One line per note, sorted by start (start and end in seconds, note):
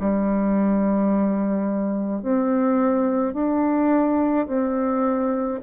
0.00 2.23 G3
2.23 3.34 C4
3.34 4.47 D4
4.48 5.61 C4